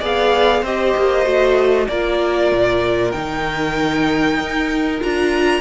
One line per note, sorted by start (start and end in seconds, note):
0.00 0.63 B3
0.00 0.64 G#4
0.00 0.61 D5
0.00 0.65 F5
0.61 0.94 C4
0.61 1.24 G4
0.61 1.86 C5
0.61 1.88 D#5
0.97 1.26 A#3
1.24 1.88 A3
1.24 1.87 F#4
1.88 2.51 A#3
1.88 3.13 F4
1.88 5.61 A#4
1.88 3.12 D5
2.52 3.14 A#2
3.12 4.39 D#3
3.12 5.01 D#4
3.12 4.99 G5
4.39 5.01 D#4
5.01 5.61 D4
5.01 5.61 F4
5.01 5.61 A#5